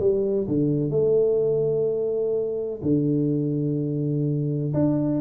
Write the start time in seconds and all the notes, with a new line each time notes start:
0.00 G3
0.48 D3
0.91 A3
2.83 D3
4.74 D4